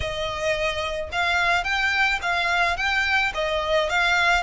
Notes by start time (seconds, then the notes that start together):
0.00 D#5
1.11 F5
1.63 G5
2.22 F5
2.76 G5
3.34 D#5
3.89 F5